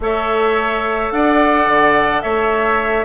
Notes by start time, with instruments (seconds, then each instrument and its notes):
0.00 bassoon A3, clarinet A4, oboe C#5, flute E5
1.11 bassoon D4, oboe D5, flute F#5
1.66 bassoon D3
2.21 bassoon A3, oboe C#5, flute E5